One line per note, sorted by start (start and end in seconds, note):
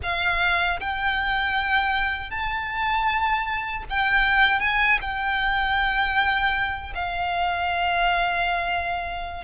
0.02 0.79 F5
0.80 2.30 G5
2.30 3.84 A5
3.89 4.60 G5
4.60 4.98 G#5
5.01 6.93 G5
6.94 9.44 F5